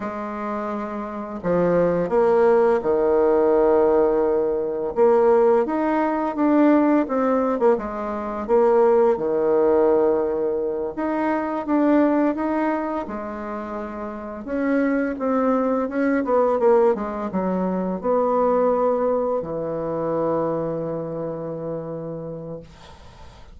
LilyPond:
\new Staff \with { instrumentName = "bassoon" } { \time 4/4 \tempo 4 = 85 gis2 f4 ais4 | dis2. ais4 | dis'4 d'4 c'8. ais16 gis4 | ais4 dis2~ dis8 dis'8~ |
dis'8 d'4 dis'4 gis4.~ | gis8 cis'4 c'4 cis'8 b8 ais8 | gis8 fis4 b2 e8~ | e1 | }